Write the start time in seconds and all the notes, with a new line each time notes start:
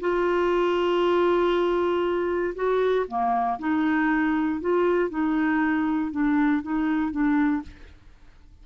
0.00 F4
2.55 F#4
3.08 A#3
3.59 D#4
4.60 F4
5.09 D#4
6.11 D4
6.62 D#4
7.11 D4